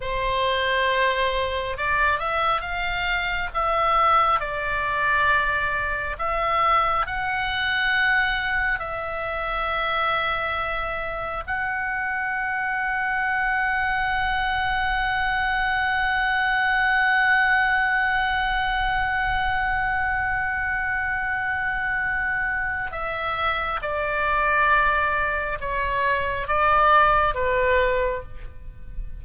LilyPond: \new Staff \with { instrumentName = "oboe" } { \time 4/4 \tempo 4 = 68 c''2 d''8 e''8 f''4 | e''4 d''2 e''4 | fis''2 e''2~ | e''4 fis''2.~ |
fis''1~ | fis''1~ | fis''2 e''4 d''4~ | d''4 cis''4 d''4 b'4 | }